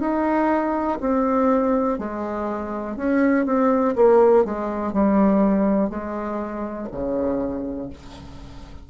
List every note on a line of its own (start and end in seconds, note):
0.00 0.98 D#4
1.00 1.99 C4
1.99 2.96 G#3
2.96 3.45 C#4
3.45 3.94 C4
3.95 4.44 A#3
4.44 4.93 G#3
4.93 5.89 G3
5.89 6.88 G#3
6.91 7.90 C#3